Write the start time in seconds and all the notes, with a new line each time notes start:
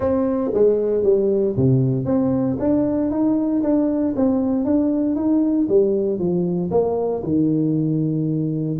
0.00 C4
0.53 G#3
1.03 G3
1.56 C3
2.05 C4
2.59 D4
3.10 D#4
3.62 D4
4.15 C4
4.64 D4
5.15 D#4
5.68 G3
6.18 F3
6.70 A#3
7.23 D#3